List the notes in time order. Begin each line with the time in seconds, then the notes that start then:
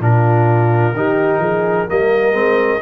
0.00 A#2 D4 F4 A#4
0.94 D#3 D#4 G4
1.39 F3 G#4
1.88 G3 A#3 A#4 D#5
2.32 G#3 C4